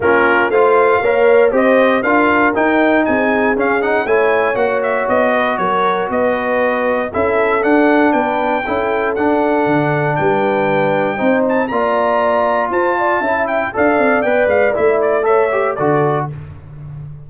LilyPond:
<<
  \new Staff \with { instrumentName = "trumpet" } { \time 4/4 \tempo 4 = 118 ais'4 f''2 dis''4 | f''4 g''4 gis''4 f''8 fis''8 | gis''4 fis''8 e''8 dis''4 cis''4 | dis''2 e''4 fis''4 |
g''2 fis''2 | g''2~ g''8 a''8 ais''4~ | ais''4 a''4. g''8 f''4 | g''8 f''8 e''8 d''8 e''4 d''4 | }
  \new Staff \with { instrumentName = "horn" } { \time 4/4 f'4 c''4 cis''4 c''4 | ais'2 gis'2 | cis''2~ cis''8 b'8 ais'4 | b'2 a'2 |
b'4 a'2. | b'2 c''4 d''4~ | d''4 c''8 d''8 e''4 d''4~ | d''2 cis''4 a'4 | }
  \new Staff \with { instrumentName = "trombone" } { \time 4/4 cis'4 f'4 ais'4 g'4 | f'4 dis'2 cis'8 dis'8 | e'4 fis'2.~ | fis'2 e'4 d'4~ |
d'4 e'4 d'2~ | d'2 dis'4 f'4~ | f'2 e'4 a'4 | b'4 e'4 a'8 g'8 fis'4 | }
  \new Staff \with { instrumentName = "tuba" } { \time 4/4 ais4 a4 ais4 c'4 | d'4 dis'4 c'4 cis'4 | a4 ais4 b4 fis4 | b2 cis'4 d'4 |
b4 cis'4 d'4 d4 | g2 c'4 ais4~ | ais4 f'4 cis'4 d'8 c'8 | b8 gis8 a2 d4 | }
>>